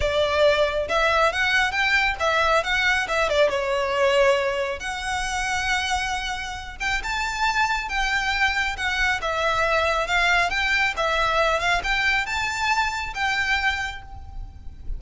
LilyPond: \new Staff \with { instrumentName = "violin" } { \time 4/4 \tempo 4 = 137 d''2 e''4 fis''4 | g''4 e''4 fis''4 e''8 d''8 | cis''2. fis''4~ | fis''2.~ fis''8 g''8 |
a''2 g''2 | fis''4 e''2 f''4 | g''4 e''4. f''8 g''4 | a''2 g''2 | }